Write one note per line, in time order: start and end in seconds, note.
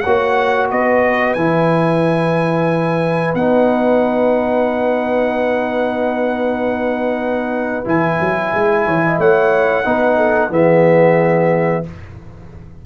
0.00 0.72 A#3
0.00 1.38 F#4
0.00 0.70 C#5
0.00 0.67 F#5
0.70 1.35 B3
0.70 8.85 B4
0.70 1.33 D#5
1.33 3.34 E3
1.33 3.37 E4
1.33 3.33 G#5
3.34 7.84 B3
3.34 7.85 D#4
3.34 7.85 F#5
7.85 8.19 E3
7.85 9.84 E4
7.85 9.20 G#5
8.20 8.53 F#3
8.54 8.86 G#3
8.85 9.18 E3
8.85 9.02 C#5
9.05 9.20 D#5
9.18 9.85 A3
9.18 9.85 C#5
9.18 10.52 F#5
9.84 10.50 B3
9.84 10.50 D#4
9.84 10.17 B4
10.17 10.50 A4
10.50 11.83 E3
10.50 11.83 B3
10.50 11.85 G#4
10.50 11.86 E5